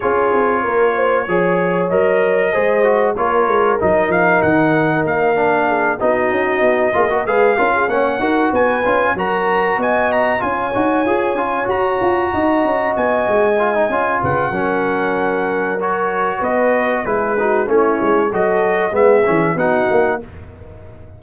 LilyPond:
<<
  \new Staff \with { instrumentName = "trumpet" } { \time 4/4 \tempo 4 = 95 cis''2. dis''4~ | dis''4 cis''4 dis''8 f''8 fis''4 | f''4. dis''2 f''8~ | f''8 fis''4 gis''4 ais''4 gis''8 |
ais''8 gis''2 ais''4.~ | ais''8 gis''2 fis''4.~ | fis''4 cis''4 dis''4 b'4 | cis''4 dis''4 e''4 fis''4 | }
  \new Staff \with { instrumentName = "horn" } { \time 4/4 gis'4 ais'8 c''8 cis''2 | c''4 ais'2.~ | ais'4 gis'8 fis'4. gis'16 ais'16 b'8 | ais'16 gis'16 cis''8 ais'8 b'4 ais'4 dis''8~ |
dis''8 cis''2. dis''8~ | dis''2~ dis''8 b'8 ais'4~ | ais'2 b'4 gis'8 fis'8 | e'4 a'4 gis'4 fis'4 | }
  \new Staff \with { instrumentName = "trombone" } { \time 4/4 f'2 gis'4 ais'4 | gis'8 fis'8 f'4 dis'2~ | dis'8 d'4 dis'4. f'16 fis'16 gis'8 | f'8 cis'8 fis'4 f'8 fis'4.~ |
fis'8 f'8 fis'8 gis'8 f'8 fis'4.~ | fis'4. f'16 dis'16 f'4 cis'4~ | cis'4 fis'2 e'8 dis'8 | cis'4 fis'4 b8 cis'8 dis'4 | }
  \new Staff \with { instrumentName = "tuba" } { \time 4/4 cis'8 c'8 ais4 f4 fis4 | gis4 ais8 gis8 fis8 f8 dis4 | ais4. b8 cis'8 b8 ais8 gis8 | cis'8 ais8 dis'8 b8 cis'8 fis4 b8~ |
b8 cis'8 dis'8 f'8 cis'8 fis'8 f'8 dis'8 | cis'8 b8 gis4 cis'8 cis8 fis4~ | fis2 b4 gis4 | a8 gis8 fis4 gis8 e8 b8 ais8 | }
>>